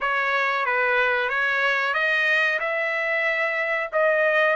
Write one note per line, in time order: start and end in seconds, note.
0.00 0.65 C#5
0.65 1.29 B4
1.29 1.94 C#5
1.94 2.59 D#5
2.59 3.90 E5
3.92 4.56 D#5